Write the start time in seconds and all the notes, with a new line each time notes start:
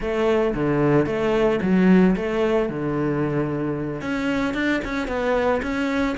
0.00 A3
0.54 D3
1.06 A3
1.62 F#3
2.16 A3
2.69 D3
4.01 C#4
4.53 D4
4.84 C#4
5.07 B3
5.62 C#4